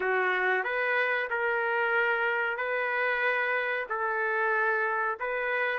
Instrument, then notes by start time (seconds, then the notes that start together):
trumpet
0.00 F#4
0.64 B4
1.29 A#4
2.57 B4
3.89 A4
5.19 B4